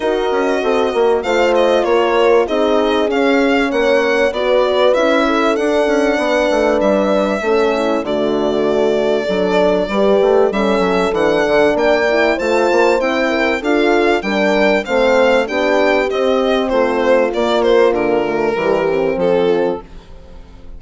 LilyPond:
<<
  \new Staff \with { instrumentName = "violin" } { \time 4/4 \tempo 4 = 97 dis''2 f''8 dis''8 cis''4 | dis''4 f''4 fis''4 d''4 | e''4 fis''2 e''4~ | e''4 d''2.~ |
d''4 e''4 fis''4 g''4 | a''4 g''4 f''4 g''4 | f''4 g''4 dis''4 c''4 | d''8 c''8 ais'2 a'4 | }
  \new Staff \with { instrumentName = "horn" } { \time 4/4 ais'4 a'8 ais'8 c''4 ais'4 | gis'2 cis''4 b'4~ | b'8 a'4. b'2 | a'8 e'8 fis'2 a'4 |
b'4 a'2 d''4 | c''4. ais'8 a'4 ais'4 | c''4 g'2 f'4~ | f'2 g'4 f'4 | }
  \new Staff \with { instrumentName = "horn" } { \time 4/4 fis'2 f'2 | dis'4 cis'2 fis'4 | e'4 d'2. | cis'4 a2 d'4 |
g'4 cis'4 d'4. e'8 | f'4 e'4 f'4 d'4 | c'4 d'4 c'2 | ais4. a8 g8 c'4. | }
  \new Staff \with { instrumentName = "bassoon" } { \time 4/4 dis'8 cis'8 c'8 ais8 a4 ais4 | c'4 cis'4 ais4 b4 | cis'4 d'8 cis'8 b8 a8 g4 | a4 d2 fis4 |
g8 a8 g8 fis8 e8 d8 ais4 | a8 ais8 c'4 d'4 g4 | a4 b4 c'4 a4 | ais4 d4 e4 f4 | }
>>